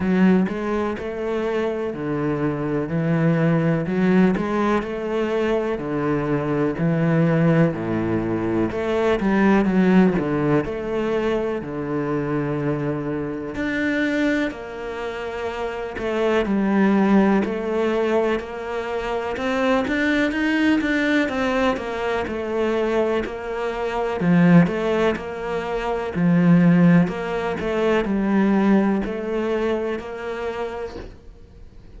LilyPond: \new Staff \with { instrumentName = "cello" } { \time 4/4 \tempo 4 = 62 fis8 gis8 a4 d4 e4 | fis8 gis8 a4 d4 e4 | a,4 a8 g8 fis8 d8 a4 | d2 d'4 ais4~ |
ais8 a8 g4 a4 ais4 | c'8 d'8 dis'8 d'8 c'8 ais8 a4 | ais4 f8 a8 ais4 f4 | ais8 a8 g4 a4 ais4 | }